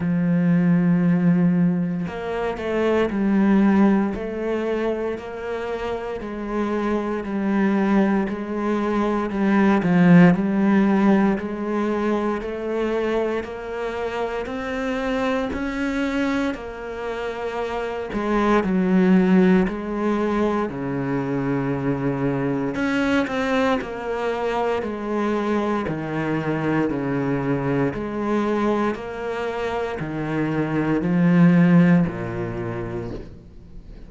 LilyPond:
\new Staff \with { instrumentName = "cello" } { \time 4/4 \tempo 4 = 58 f2 ais8 a8 g4 | a4 ais4 gis4 g4 | gis4 g8 f8 g4 gis4 | a4 ais4 c'4 cis'4 |
ais4. gis8 fis4 gis4 | cis2 cis'8 c'8 ais4 | gis4 dis4 cis4 gis4 | ais4 dis4 f4 ais,4 | }